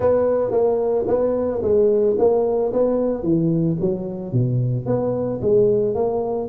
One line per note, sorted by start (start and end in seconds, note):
0.00 0.51 B3
0.51 1.05 A#3
1.07 1.61 B3
1.62 2.16 G#3
2.18 2.72 A#3
2.72 3.22 B3
3.22 3.76 E3
3.80 4.32 F#3
4.32 4.86 B2
4.86 5.40 B3
5.41 5.94 G#3
5.94 6.48 A#3